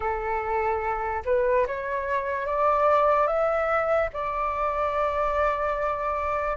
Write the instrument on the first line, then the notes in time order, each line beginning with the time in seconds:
flute
0.00 A4
1.25 B4
1.66 C#5
2.46 D5
3.27 E5
4.13 D5